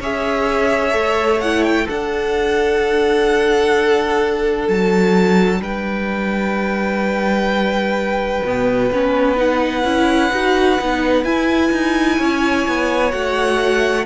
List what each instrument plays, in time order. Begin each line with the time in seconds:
0.00 cello C#4, viola G#4, violin C#5 E5
0.91 cello A3, viola A4
1.40 viola E4, violin F#5
1.63 violin G5
1.85 viola D4, cello D4, violin A4 F#5
4.68 cello F#3, violin A5
5.60 cello G3, violin B4 G5
8.44 cello B2, viola B3
8.92 cello B3, viola C#4
9.36 viola D#4, violin F#5
9.84 cello C#4, viola E4
10.33 cello D#4, viola F#4
10.79 cello B3, viola D#4
11.24 cello E4, viola E4, violin G#5
11.72 cello D#4
12.18 cello C#4, violin C#5
12.68 cello B3
13.11 cello A3, viola F#4, violin F#5